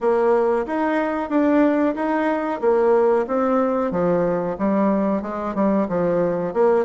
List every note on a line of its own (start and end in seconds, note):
0.00 0.66 A#3
0.66 1.29 D#4
1.29 1.94 D4
1.95 2.60 D#4
2.61 3.26 A#3
3.27 3.91 C4
3.91 4.56 F3
4.58 5.22 G3
5.22 5.54 G#3
5.54 5.87 G3
5.88 6.53 F3
6.53 6.85 A#3